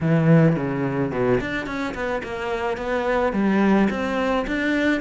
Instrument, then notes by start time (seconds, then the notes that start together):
cello
0.00 E3
0.56 C#3
1.11 B2
1.40 D4
1.66 C#4
1.94 B3
2.23 A#3
2.77 B3
3.32 G3
3.90 C4
4.47 D4